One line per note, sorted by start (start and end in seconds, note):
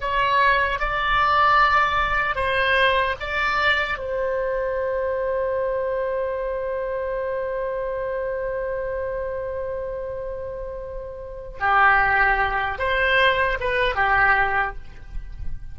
0.00 0.79 C#5
0.79 2.35 D5
2.35 3.15 C5
3.20 3.98 D5
3.98 11.58 C5
11.59 12.78 G4
12.78 13.58 C5
13.60 13.95 B4
13.95 14.75 G4